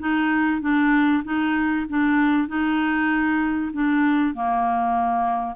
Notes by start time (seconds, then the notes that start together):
0.00 D#4
0.62 D4
1.25 D#4
1.90 D4
2.48 D#4
3.73 D4
4.35 A#3